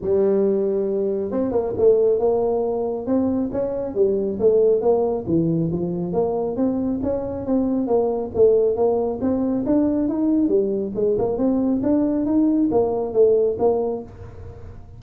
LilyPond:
\new Staff \with { instrumentName = "tuba" } { \time 4/4 \tempo 4 = 137 g2. c'8 ais8 | a4 ais2 c'4 | cis'4 g4 a4 ais4 | e4 f4 ais4 c'4 |
cis'4 c'4 ais4 a4 | ais4 c'4 d'4 dis'4 | g4 gis8 ais8 c'4 d'4 | dis'4 ais4 a4 ais4 | }